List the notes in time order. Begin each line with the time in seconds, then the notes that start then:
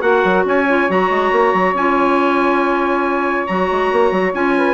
0.00 A#3 F#4 A#4 F#5
0.25 F#3
0.46 C#4 C#5 G#5
0.69 F4
0.89 F#3 F#4 A#5
1.10 G#3
1.32 A#3
1.54 F#3
1.74 C#4 F4 G#5
3.47 F#3 F#4 A#5
3.72 G#3
3.92 A#3
4.12 F#3
4.33 C#4 F4 G#5
4.57 B4